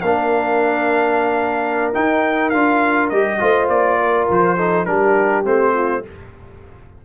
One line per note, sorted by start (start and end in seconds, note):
0.00 1.93 A#3
0.00 1.93 D4
0.00 3.40 A#4
0.00 1.91 F5
1.93 2.52 D#4
1.93 2.53 D#4
1.93 2.50 G5
2.50 3.11 D4
2.50 3.12 F4
2.50 3.08 F5
3.09 3.40 G3
3.09 3.39 G4
3.09 3.68 D#5
3.39 3.69 A3
3.39 4.57 F4
3.39 3.99 C5
3.69 4.28 A#3
3.69 4.28 D5
3.99 4.57 A#4
4.29 4.86 F3
4.29 4.85 C5
4.57 4.87 D#4
4.57 4.86 A4
4.85 5.45 G3
4.85 5.44 D4
4.85 5.74 G4
4.85 5.44 A#4
5.44 6.04 A3
5.44 6.03 C4
5.44 6.05 C5
5.74 6.03 F4